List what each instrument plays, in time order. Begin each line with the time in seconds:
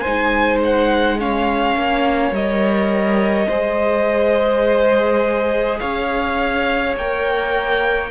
0.00 cello G#3, violin C5 G#5
0.06 viola D#4
0.64 violin F#5
1.19 viola C#4, violin C#5 F5
1.76 cello A#3
2.31 cello G3, viola A#4, violin D#5
3.48 cello G#3, viola G#4, violin C5
5.80 cello C#4, violin C#5 F5
6.96 cello A#3, viola A#4, violin G5